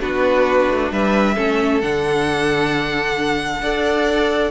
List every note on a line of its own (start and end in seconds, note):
0.00 0.68 B3
0.00 1.35 D4
0.00 0.92 F#4
0.00 0.92 B4
0.70 0.91 A3
0.91 1.36 G3
0.91 1.35 B4
0.91 1.81 E5
1.35 1.83 A3
1.35 1.81 C#4
1.35 3.60 A4
1.81 3.61 D3
1.81 3.63 D4
1.81 4.51 F#5
3.61 4.51 D4
3.61 4.51 A4
3.61 4.51 D5